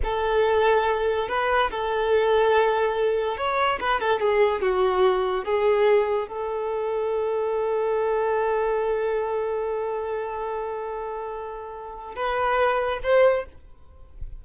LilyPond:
\new Staff \with { instrumentName = "violin" } { \time 4/4 \tempo 4 = 143 a'2. b'4 | a'1 | cis''4 b'8 a'8 gis'4 fis'4~ | fis'4 gis'2 a'4~ |
a'1~ | a'1~ | a'1~ | a'4 b'2 c''4 | }